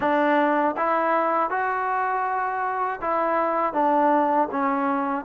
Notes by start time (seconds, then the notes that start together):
0.00 D4
0.76 E4
1.50 F#4
3.01 E4
3.73 D4
4.51 C#4